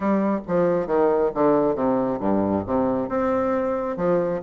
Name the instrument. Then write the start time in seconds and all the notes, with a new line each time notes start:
bassoon
0.00 G3
0.47 F3
0.86 D#3
1.34 D3
1.75 C3
2.20 G2
2.66 C3
3.08 C4
3.96 F3